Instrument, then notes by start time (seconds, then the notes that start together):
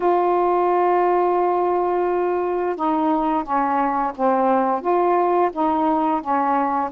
saxophone
0.00 F4
2.76 D#4
3.43 C#4
4.15 C4
4.81 F4
5.52 D#4
6.21 C#4